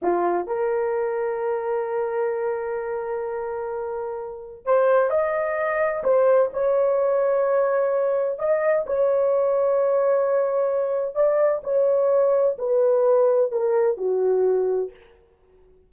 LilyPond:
\new Staff \with { instrumentName = "horn" } { \time 4/4 \tempo 4 = 129 f'4 ais'2.~ | ais'1~ | ais'2 c''4 dis''4~ | dis''4 c''4 cis''2~ |
cis''2 dis''4 cis''4~ | cis''1 | d''4 cis''2 b'4~ | b'4 ais'4 fis'2 | }